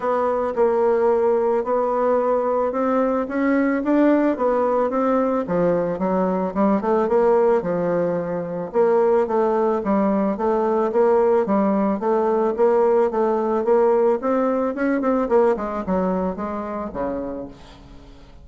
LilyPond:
\new Staff \with { instrumentName = "bassoon" } { \time 4/4 \tempo 4 = 110 b4 ais2 b4~ | b4 c'4 cis'4 d'4 | b4 c'4 f4 fis4 | g8 a8 ais4 f2 |
ais4 a4 g4 a4 | ais4 g4 a4 ais4 | a4 ais4 c'4 cis'8 c'8 | ais8 gis8 fis4 gis4 cis4 | }